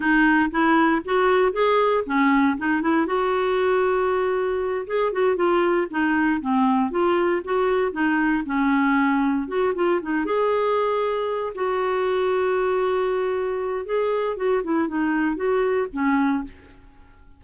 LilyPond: \new Staff \with { instrumentName = "clarinet" } { \time 4/4 \tempo 4 = 117 dis'4 e'4 fis'4 gis'4 | cis'4 dis'8 e'8 fis'2~ | fis'4. gis'8 fis'8 f'4 dis'8~ | dis'8 c'4 f'4 fis'4 dis'8~ |
dis'8 cis'2 fis'8 f'8 dis'8 | gis'2~ gis'8 fis'4.~ | fis'2. gis'4 | fis'8 e'8 dis'4 fis'4 cis'4 | }